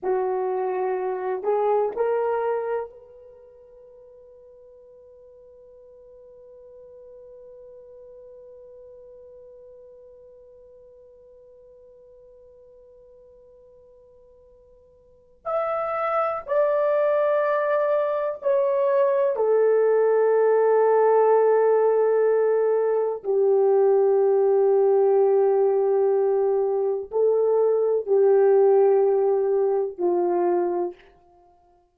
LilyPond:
\new Staff \with { instrumentName = "horn" } { \time 4/4 \tempo 4 = 62 fis'4. gis'8 ais'4 b'4~ | b'1~ | b'1~ | b'1 |
e''4 d''2 cis''4 | a'1 | g'1 | a'4 g'2 f'4 | }